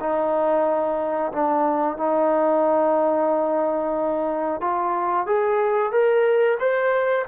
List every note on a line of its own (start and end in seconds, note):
0.00 1.32 D#4
1.32 1.97 D4
1.97 4.61 D#4
4.61 5.27 F4
5.27 5.92 G#4
5.92 6.58 A#4
6.59 7.25 C5